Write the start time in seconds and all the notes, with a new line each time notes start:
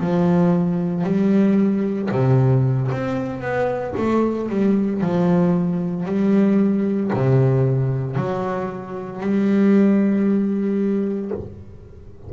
0.00 F3
1.04 G3
2.11 C3
2.91 C4
3.41 B3
3.96 A3
4.49 G3
5.01 F3
6.05 G3
7.13 C3
8.16 F#3
9.21 G3